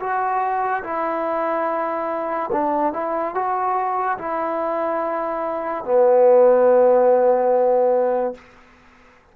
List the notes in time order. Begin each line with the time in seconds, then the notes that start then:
0.00 F#4
0.84 E4
2.52 D4
2.93 E4
3.34 F#4
4.18 E4
5.84 B3